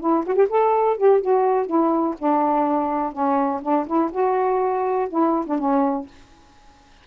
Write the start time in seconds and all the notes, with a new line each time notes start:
0.00 E4
0.26 F#4
0.35 G4
0.49 A4
0.97 G4
1.21 F#4
1.66 E4
2.18 D4
3.13 C#4
3.62 D4
3.87 E4
4.12 F#4
5.09 E4
5.46 D4
5.59 C#4